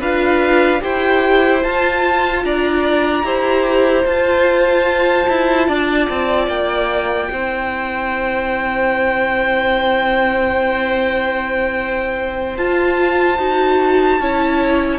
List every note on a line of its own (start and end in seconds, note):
0.00 0.82 D4
0.00 0.80 F4
0.00 0.81 B4
0.00 0.83 F5
0.80 1.64 E4
0.80 1.61 G4
0.80 2.45 C5
0.80 1.64 G5
1.64 2.45 F4
1.64 3.23 F4
1.64 2.45 A5
2.45 3.23 D4
2.45 3.26 D5
2.45 4.06 A#5
3.23 4.04 E4
3.23 4.05 G4
3.23 5.68 C5
4.05 5.27 F4
4.05 7.29 F4
4.05 6.49 A5
5.29 5.68 E4
5.68 6.09 D4
5.68 7.30 D5
6.10 6.48 C4
6.48 7.29 A#3
6.48 12.57 G5
7.29 12.58 C4
7.29 12.56 E4
7.29 14.21 C5
12.58 13.39 F4
12.58 13.38 F4
12.58 14.99 A5
13.38 14.19 D#4
13.38 14.20 F#4
14.19 14.99 C#4
14.19 14.99 E4
14.19 14.99 C#5